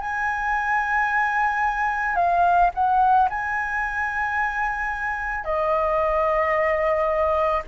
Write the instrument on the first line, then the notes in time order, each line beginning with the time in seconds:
flute
0.00 G#5
2.15 F5
2.74 F#5
3.29 G#5
5.44 D#5